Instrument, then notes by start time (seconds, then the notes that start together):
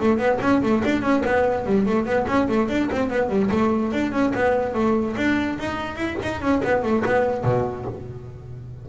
double bass
0.00 A3
0.18 B3
0.42 C#4
0.63 A3
0.85 D4
1.02 C#4
1.25 B3
1.66 G3
1.86 A3
2.06 B3
2.28 C#4
2.49 A3
2.69 D4
2.92 C4
3.10 B3
3.30 G3
3.51 A3
3.93 D4
4.12 C#4
4.35 B3
4.74 A3
5.17 D4
5.59 D#4
5.96 E4
6.23 D#4
6.41 C#4
6.64 B3
6.83 A3
7.06 B3
7.44 B2